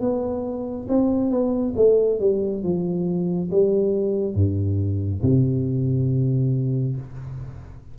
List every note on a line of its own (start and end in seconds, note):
0.00 0.87 B3
0.88 1.30 C4
1.30 1.74 B3
1.76 2.19 A3
2.19 2.63 G3
2.63 3.50 F3
3.50 4.34 G3
4.34 5.21 G2
5.22 6.96 C3